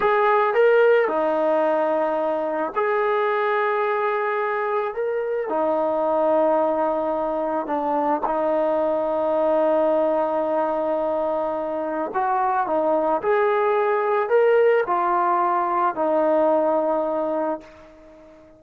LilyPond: \new Staff \with { instrumentName = "trombone" } { \time 4/4 \tempo 4 = 109 gis'4 ais'4 dis'2~ | dis'4 gis'2.~ | gis'4 ais'4 dis'2~ | dis'2 d'4 dis'4~ |
dis'1~ | dis'2 fis'4 dis'4 | gis'2 ais'4 f'4~ | f'4 dis'2. | }